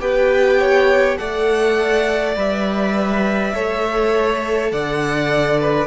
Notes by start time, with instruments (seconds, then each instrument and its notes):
0.00 cello B3, viola G4, violin B4 G5
0.60 violin C#5
1.18 cello A3, viola A4, violin D5 F#5
2.36 cello G3, viola B4, violin E5
3.54 cello A3, viola A4, violin C#5
4.72 cello D3, violin D5 F#5
5.60 violin B4